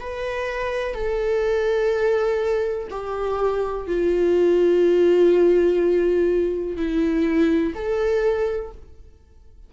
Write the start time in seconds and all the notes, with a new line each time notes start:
0.00 B4
0.95 A4
2.91 G4
3.88 F4
6.77 E4
7.75 A4